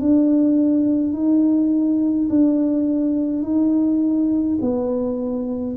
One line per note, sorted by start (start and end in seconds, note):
0.00 1.13 D4
1.13 2.28 D#4
2.29 3.42 D4
3.42 4.58 D#4
4.60 5.76 B3